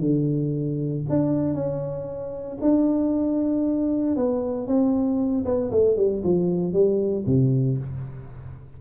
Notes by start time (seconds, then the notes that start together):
0.00 D3
1.10 D4
1.54 C#4
2.61 D4
4.16 B3
4.67 C4
5.45 B3
5.71 A3
5.97 G3
6.24 F3
6.73 G3
7.26 C3